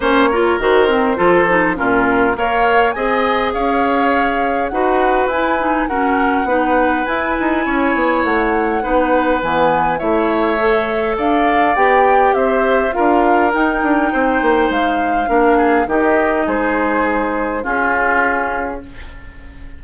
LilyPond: <<
  \new Staff \with { instrumentName = "flute" } { \time 4/4 \tempo 4 = 102 cis''4 c''2 ais'4 | f''4 gis''4 f''2 | fis''4 gis''4 fis''2 | gis''2 fis''2 |
gis''4 e''2 f''4 | g''4 e''4 f''4 g''4~ | g''4 f''2 dis''4 | c''2 gis'2 | }
  \new Staff \with { instrumentName = "oboe" } { \time 4/4 c''8 ais'4. a'4 f'4 | cis''4 dis''4 cis''2 | b'2 ais'4 b'4~ | b'4 cis''2 b'4~ |
b'4 cis''2 d''4~ | d''4 c''4 ais'2 | c''2 ais'8 gis'8 g'4 | gis'2 f'2 | }
  \new Staff \with { instrumentName = "clarinet" } { \time 4/4 cis'8 f'8 fis'8 c'8 f'8 dis'8 cis'4 | ais'4 gis'2. | fis'4 e'8 dis'8 cis'4 dis'4 | e'2. dis'4 |
b4 e'4 a'2 | g'2 f'4 dis'4~ | dis'2 d'4 dis'4~ | dis'2 cis'2 | }
  \new Staff \with { instrumentName = "bassoon" } { \time 4/4 ais4 dis4 f4 ais,4 | ais4 c'4 cis'2 | dis'4 e'4 fis'4 b4 | e'8 dis'8 cis'8 b8 a4 b4 |
e4 a2 d'4 | b4 c'4 d'4 dis'8 d'8 | c'8 ais8 gis4 ais4 dis4 | gis2 cis'2 | }
>>